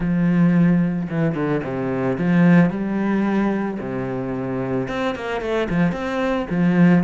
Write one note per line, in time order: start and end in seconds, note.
0.00 1.08 F3
1.10 1.34 E3
1.34 1.61 D3
1.63 2.17 C3
2.17 2.70 F3
2.70 3.78 G3
3.79 4.87 C3
4.88 5.15 C4
5.15 5.41 A#3
5.41 5.68 A3
5.69 5.92 F3
5.92 6.46 C4
6.50 7.04 F3